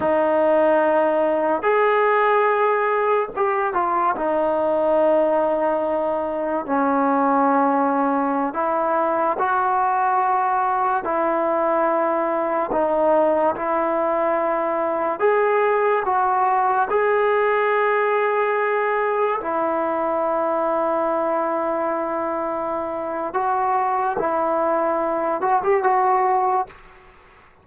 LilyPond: \new Staff \with { instrumentName = "trombone" } { \time 4/4 \tempo 4 = 72 dis'2 gis'2 | g'8 f'8 dis'2. | cis'2~ cis'16 e'4 fis'8.~ | fis'4~ fis'16 e'2 dis'8.~ |
dis'16 e'2 gis'4 fis'8.~ | fis'16 gis'2. e'8.~ | e'1 | fis'4 e'4. fis'16 g'16 fis'4 | }